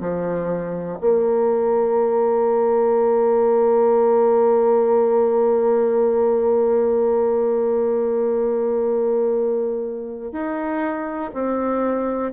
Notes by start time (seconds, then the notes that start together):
0.00 F3
1.01 A#3
10.32 D#4
11.33 C4